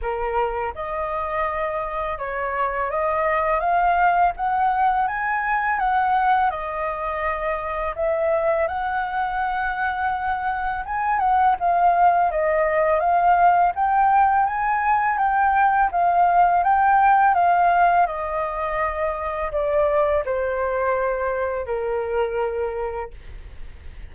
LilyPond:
\new Staff \with { instrumentName = "flute" } { \time 4/4 \tempo 4 = 83 ais'4 dis''2 cis''4 | dis''4 f''4 fis''4 gis''4 | fis''4 dis''2 e''4 | fis''2. gis''8 fis''8 |
f''4 dis''4 f''4 g''4 | gis''4 g''4 f''4 g''4 | f''4 dis''2 d''4 | c''2 ais'2 | }